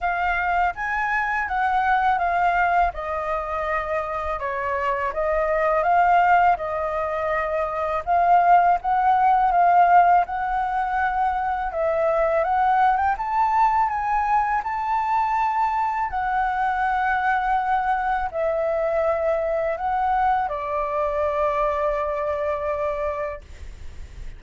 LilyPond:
\new Staff \with { instrumentName = "flute" } { \time 4/4 \tempo 4 = 82 f''4 gis''4 fis''4 f''4 | dis''2 cis''4 dis''4 | f''4 dis''2 f''4 | fis''4 f''4 fis''2 |
e''4 fis''8. g''16 a''4 gis''4 | a''2 fis''2~ | fis''4 e''2 fis''4 | d''1 | }